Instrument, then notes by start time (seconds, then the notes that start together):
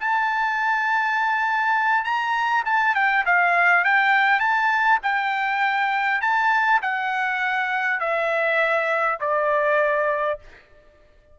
trumpet
0.00 A5
2.04 A#5
2.65 A5
2.95 G5
3.26 F5
3.85 G5
4.40 A5
5.03 G5
6.21 A5
6.82 F#5
8.00 E5
9.20 D5